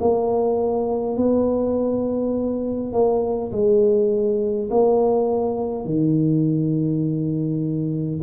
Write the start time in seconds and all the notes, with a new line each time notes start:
0.00 A#3
1.17 B3
2.93 A#3
3.52 G#3
4.70 A#3
5.85 D#3